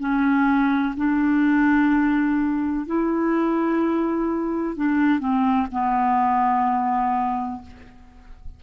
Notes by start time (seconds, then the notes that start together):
0.00 C#4
0.97 D4
2.87 E4
4.77 D4
5.20 C4
5.72 B3